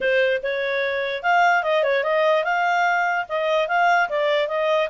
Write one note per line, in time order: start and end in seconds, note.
0.00 0.41 C5
0.42 1.22 C#5
1.22 1.63 F5
1.63 1.83 D#5
1.83 2.03 C#5
2.03 2.44 D#5
2.44 3.25 F5
3.28 3.67 D#5
3.67 4.08 F5
4.09 4.48 D5
4.48 4.88 D#5